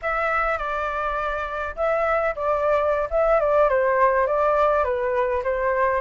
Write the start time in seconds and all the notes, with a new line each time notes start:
0.02 E5
0.58 D5
1.75 E5
2.35 D5
3.10 E5
3.40 D5
3.69 C5
4.26 D5
4.84 B4
5.43 C5